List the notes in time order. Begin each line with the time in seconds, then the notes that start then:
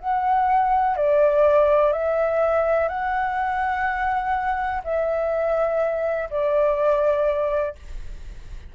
0.00 F#5
0.97 D5
1.93 E5
2.89 F#5
4.84 E5
6.30 D5